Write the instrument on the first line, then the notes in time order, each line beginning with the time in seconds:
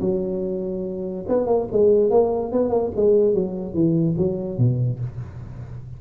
tuba
0.00 F#3
1.28 B3
1.46 A#3
1.71 G#3
2.10 A#3
2.52 B3
2.69 A#3
2.95 G#3
3.34 F#3
3.74 E3
4.17 F#3
4.58 B2